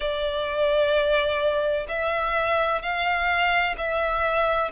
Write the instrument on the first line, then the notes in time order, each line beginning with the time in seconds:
violin
0.00 D5
1.88 E5
2.81 F5
3.77 E5